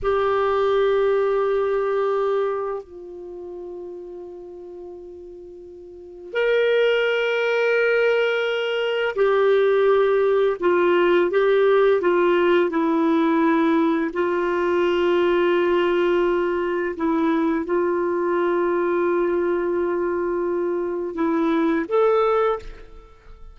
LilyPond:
\new Staff \with { instrumentName = "clarinet" } { \time 4/4 \tempo 4 = 85 g'1 | f'1~ | f'4 ais'2.~ | ais'4 g'2 f'4 |
g'4 f'4 e'2 | f'1 | e'4 f'2.~ | f'2 e'4 a'4 | }